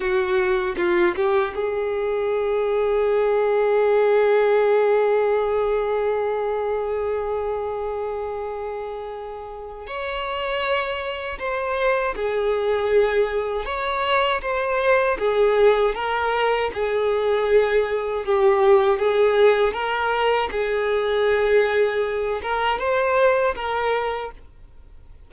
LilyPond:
\new Staff \with { instrumentName = "violin" } { \time 4/4 \tempo 4 = 79 fis'4 f'8 g'8 gis'2~ | gis'1~ | gis'1~ | gis'4 cis''2 c''4 |
gis'2 cis''4 c''4 | gis'4 ais'4 gis'2 | g'4 gis'4 ais'4 gis'4~ | gis'4. ais'8 c''4 ais'4 | }